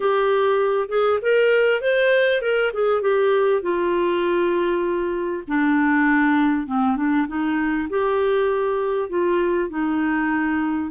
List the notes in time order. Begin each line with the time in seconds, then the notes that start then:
0.00 G4
0.88 G#4
1.21 A#4
1.81 C5
2.41 A#4
2.73 G#4
3.01 G4
3.61 F4
5.47 D4
6.66 C4
6.96 D4
7.27 D#4
7.89 G4
9.09 F4
9.69 D#4